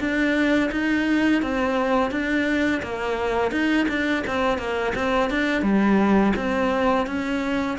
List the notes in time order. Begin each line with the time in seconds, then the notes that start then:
0.00 D4
0.72 D#4
1.42 C4
2.11 D4
2.83 A#3
3.52 D#4
3.89 D4
4.27 C4
4.59 A#3
4.95 C4
5.31 D4
5.63 G3
6.37 C4
7.07 C#4